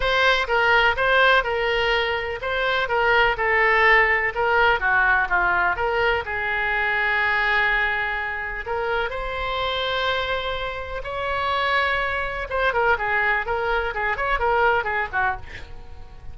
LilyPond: \new Staff \with { instrumentName = "oboe" } { \time 4/4 \tempo 4 = 125 c''4 ais'4 c''4 ais'4~ | ais'4 c''4 ais'4 a'4~ | a'4 ais'4 fis'4 f'4 | ais'4 gis'2.~ |
gis'2 ais'4 c''4~ | c''2. cis''4~ | cis''2 c''8 ais'8 gis'4 | ais'4 gis'8 cis''8 ais'4 gis'8 fis'8 | }